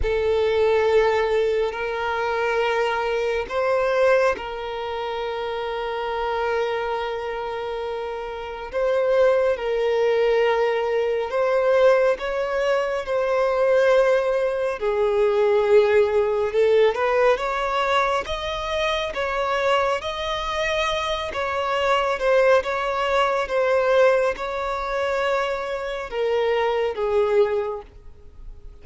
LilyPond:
\new Staff \with { instrumentName = "violin" } { \time 4/4 \tempo 4 = 69 a'2 ais'2 | c''4 ais'2.~ | ais'2 c''4 ais'4~ | ais'4 c''4 cis''4 c''4~ |
c''4 gis'2 a'8 b'8 | cis''4 dis''4 cis''4 dis''4~ | dis''8 cis''4 c''8 cis''4 c''4 | cis''2 ais'4 gis'4 | }